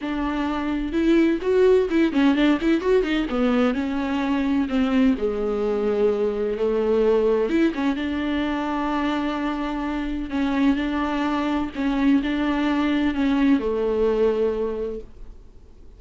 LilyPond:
\new Staff \with { instrumentName = "viola" } { \time 4/4 \tempo 4 = 128 d'2 e'4 fis'4 | e'8 cis'8 d'8 e'8 fis'8 dis'8 b4 | cis'2 c'4 gis4~ | gis2 a2 |
e'8 cis'8 d'2.~ | d'2 cis'4 d'4~ | d'4 cis'4 d'2 | cis'4 a2. | }